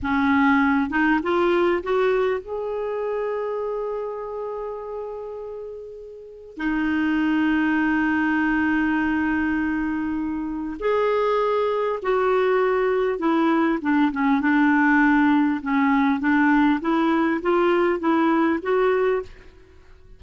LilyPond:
\new Staff \with { instrumentName = "clarinet" } { \time 4/4 \tempo 4 = 100 cis'4. dis'8 f'4 fis'4 | gis'1~ | gis'2. dis'4~ | dis'1~ |
dis'2 gis'2 | fis'2 e'4 d'8 cis'8 | d'2 cis'4 d'4 | e'4 f'4 e'4 fis'4 | }